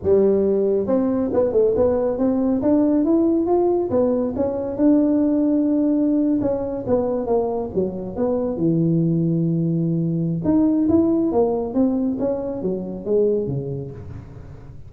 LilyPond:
\new Staff \with { instrumentName = "tuba" } { \time 4/4 \tempo 4 = 138 g2 c'4 b8 a8 | b4 c'4 d'4 e'4 | f'4 b4 cis'4 d'4~ | d'2~ d'8. cis'4 b16~ |
b8. ais4 fis4 b4 e16~ | e1 | dis'4 e'4 ais4 c'4 | cis'4 fis4 gis4 cis4 | }